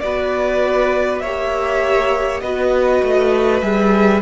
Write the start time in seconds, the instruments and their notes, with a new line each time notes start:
0.00 cello B3, viola F#4, violin B4 D5
1.20 cello A#3, viola G4, violin C#5 E5
2.41 cello B3, viola F#4, violin B4 D#5
3.03 cello A3
3.60 cello G3, viola G#4, violin E5